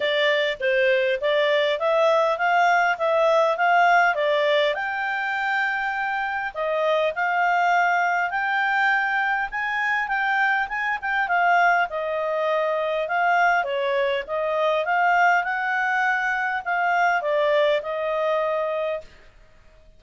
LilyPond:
\new Staff \with { instrumentName = "clarinet" } { \time 4/4 \tempo 4 = 101 d''4 c''4 d''4 e''4 | f''4 e''4 f''4 d''4 | g''2. dis''4 | f''2 g''2 |
gis''4 g''4 gis''8 g''8 f''4 | dis''2 f''4 cis''4 | dis''4 f''4 fis''2 | f''4 d''4 dis''2 | }